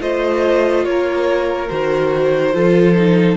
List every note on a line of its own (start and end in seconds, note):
0.00 0.85 A3
0.00 1.69 F4
0.00 0.86 C5
0.00 0.85 D#5
0.85 1.70 A#3
0.85 2.55 A#4
0.85 1.69 C#5
1.69 2.55 D#3
1.69 2.53 F#4
1.69 3.37 C5
2.53 3.37 F3
2.53 2.96 F4
2.53 3.37 A4
2.96 3.37 D#4